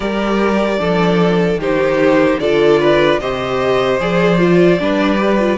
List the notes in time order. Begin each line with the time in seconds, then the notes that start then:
0.00 G3 G4 A#4 D5
0.78 F3 D4 A4
1.57 D#3 D#4 G4 C5
2.39 D3 F4 A4 D5
2.80 B4
3.19 C3 G4 C5 D#5
4.00 F3 G#4 D5
4.38 F4
4.79 G3 D4 B4
5.17 G4
5.39 F4